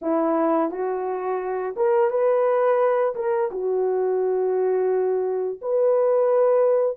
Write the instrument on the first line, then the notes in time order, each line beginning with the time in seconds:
horn
0.01 E4
0.70 F#4
1.76 A#4
2.10 B4
3.15 A#4
3.51 F#4
5.61 B4